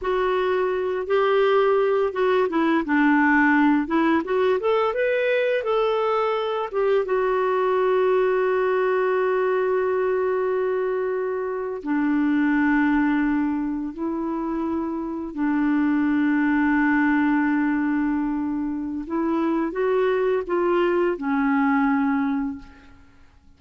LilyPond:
\new Staff \with { instrumentName = "clarinet" } { \time 4/4 \tempo 4 = 85 fis'4. g'4. fis'8 e'8 | d'4. e'8 fis'8 a'8 b'4 | a'4. g'8 fis'2~ | fis'1~ |
fis'8. d'2. e'16~ | e'4.~ e'16 d'2~ d'16~ | d'2. e'4 | fis'4 f'4 cis'2 | }